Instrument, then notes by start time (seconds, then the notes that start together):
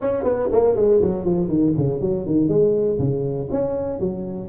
tuba
0.01 C#4
0.23 B3
0.51 A#3
0.76 G#3
1.01 F#3
1.24 F3
1.48 D#3
1.77 C#3
2.00 F#3
2.26 D#3
2.48 G#3
2.98 C#3
3.51 C#4
3.99 F#3